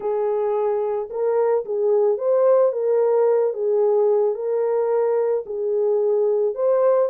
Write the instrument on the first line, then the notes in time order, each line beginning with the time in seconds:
horn
0.00 G#4
1.10 A#4
1.65 G#4
2.17 C5
2.72 A#4
3.53 G#4
4.34 A#4
5.45 G#4
6.54 C5